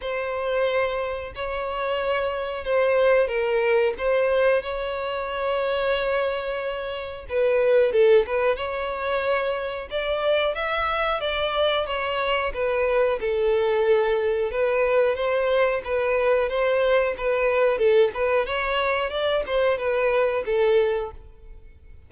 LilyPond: \new Staff \with { instrumentName = "violin" } { \time 4/4 \tempo 4 = 91 c''2 cis''2 | c''4 ais'4 c''4 cis''4~ | cis''2. b'4 | a'8 b'8 cis''2 d''4 |
e''4 d''4 cis''4 b'4 | a'2 b'4 c''4 | b'4 c''4 b'4 a'8 b'8 | cis''4 d''8 c''8 b'4 a'4 | }